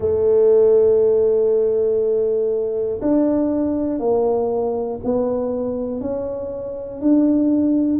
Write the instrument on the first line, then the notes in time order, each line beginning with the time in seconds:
tuba
0.00 A3
3.01 D4
4.00 A#3
5.04 B3
6.00 C#4
7.00 D4